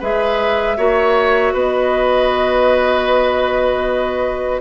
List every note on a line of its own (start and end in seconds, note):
0.00 0.78 G#3
0.00 0.78 G#4
0.00 0.77 B4
0.00 1.55 E5
0.78 1.53 A#3
0.78 4.61 F#4
0.78 1.53 C#5
1.53 4.61 B3
1.53 4.61 B4
1.53 4.61 D#5